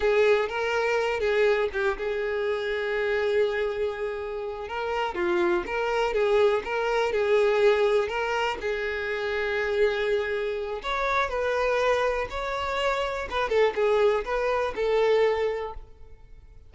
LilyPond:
\new Staff \with { instrumentName = "violin" } { \time 4/4 \tempo 4 = 122 gis'4 ais'4. gis'4 g'8 | gis'1~ | gis'4. ais'4 f'4 ais'8~ | ais'8 gis'4 ais'4 gis'4.~ |
gis'8 ais'4 gis'2~ gis'8~ | gis'2 cis''4 b'4~ | b'4 cis''2 b'8 a'8 | gis'4 b'4 a'2 | }